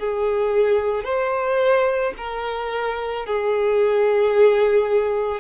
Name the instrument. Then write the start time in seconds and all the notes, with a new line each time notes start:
violin
0.00 G#4
1.05 C5
2.18 A#4
3.26 G#4